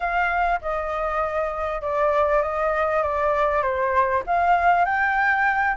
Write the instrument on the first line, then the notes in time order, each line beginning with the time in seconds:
flute
0.00 F5
0.61 D#5
1.81 D5
2.42 D#5
3.02 D5
3.62 C5
4.26 F5
4.85 G5